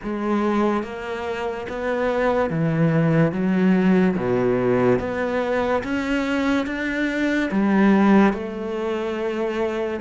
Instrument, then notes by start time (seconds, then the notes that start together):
cello
0.03 G#3
0.83 A#3
1.69 B3
2.50 E3
3.31 F#3
4.16 B2
4.99 B3
5.83 C#4
6.66 D4
7.51 G3
8.33 A3